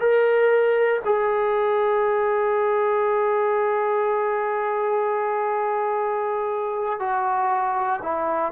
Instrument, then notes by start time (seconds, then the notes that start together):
trombone
0.00 A#4
1.05 G#4
7.00 F#4
8.02 E4